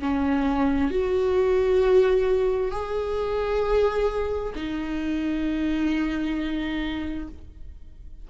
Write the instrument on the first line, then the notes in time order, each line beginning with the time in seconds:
viola
0.00 C#4
0.91 F#4
2.71 G#4
4.55 D#4